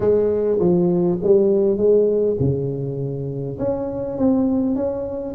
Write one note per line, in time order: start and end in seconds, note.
0.00 0.58 G#3
0.59 1.18 F3
1.23 1.77 G3
1.77 2.36 G#3
2.39 3.58 C#3
3.59 4.18 C#4
4.18 4.75 C4
4.75 5.35 C#4